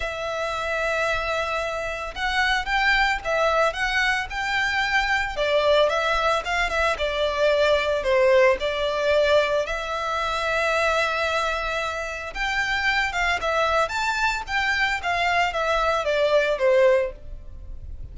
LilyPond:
\new Staff \with { instrumentName = "violin" } { \time 4/4 \tempo 4 = 112 e''1 | fis''4 g''4 e''4 fis''4 | g''2 d''4 e''4 | f''8 e''8 d''2 c''4 |
d''2 e''2~ | e''2. g''4~ | g''8 f''8 e''4 a''4 g''4 | f''4 e''4 d''4 c''4 | }